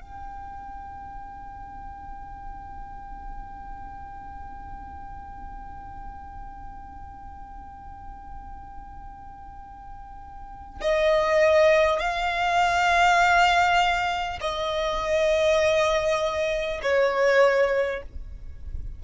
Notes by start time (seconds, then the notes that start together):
0.00 G5
10.81 D#5
11.99 F5
14.40 D#5
16.82 C#5